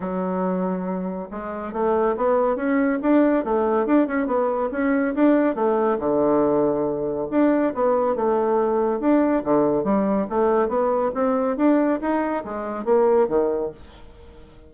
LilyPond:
\new Staff \with { instrumentName = "bassoon" } { \time 4/4 \tempo 4 = 140 fis2. gis4 | a4 b4 cis'4 d'4 | a4 d'8 cis'8 b4 cis'4 | d'4 a4 d2~ |
d4 d'4 b4 a4~ | a4 d'4 d4 g4 | a4 b4 c'4 d'4 | dis'4 gis4 ais4 dis4 | }